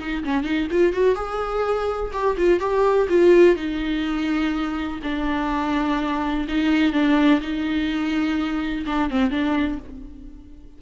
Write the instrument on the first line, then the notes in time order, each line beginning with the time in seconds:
viola
0.00 D#4
0.24 C#4
0.44 D#4
0.71 F4
0.93 F#4
1.16 G#4
2.13 G4
2.37 F4
2.60 G4
3.09 F4
3.56 D#4
5.03 D4
6.48 D#4
6.93 D4
7.41 D#4
8.86 D4
9.10 C4
9.31 D4